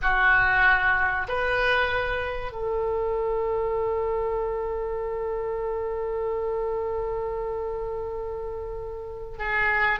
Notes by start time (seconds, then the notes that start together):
0.02 F#4
1.28 B4
2.52 A4
9.38 G#4